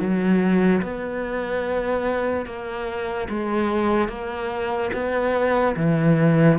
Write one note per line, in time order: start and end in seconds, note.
0.00 0.82 F#3
0.83 2.47 B3
2.47 3.29 A#3
3.30 4.09 G#3
4.09 4.91 A#3
4.94 5.76 B3
5.77 6.59 E3